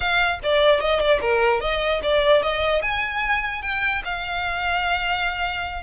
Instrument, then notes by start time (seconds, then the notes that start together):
violin
0.00 F5
0.43 D5
0.80 D#5
1.00 D5
1.21 A#4
1.60 D#5
2.02 D5
2.42 D#5
2.82 G#5
3.62 G5
4.05 F5